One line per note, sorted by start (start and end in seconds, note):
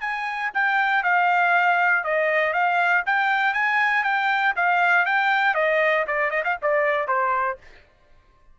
0.00 0.50 G#5
0.53 1.03 G5
1.03 2.04 F5
2.04 2.53 D#5
2.53 3.03 F5
3.06 3.53 G5
3.53 4.03 G#5
4.03 4.54 G5
4.56 5.05 F5
5.05 5.54 G5
5.54 6.05 D#5
6.07 6.30 D5
6.30 6.43 D#5
6.44 6.57 F5
6.62 7.07 D5
7.07 7.57 C5